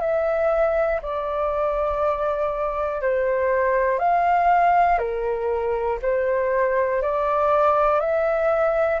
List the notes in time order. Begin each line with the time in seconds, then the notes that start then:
0.00 E5
1.01 D5
3.01 C5
3.99 F5
4.98 A#4
6.01 C5
7.01 D5
8.00 E5